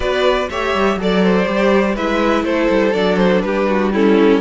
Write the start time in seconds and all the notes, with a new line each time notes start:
0.00 B3 F#4 B4 D5
0.49 A3 G4 C#5 E5
0.74 G3
0.96 F#3 A4 D5
1.02 D5
1.23 C5
1.45 G3 G4
1.95 G#3 E4 B4 E5
2.43 A3 A4 C5
2.69 G3
2.93 F#3 D4 D5
3.16 C5
3.41 G3 G4 B4
3.69 F#4
3.93 C#4 E4 A4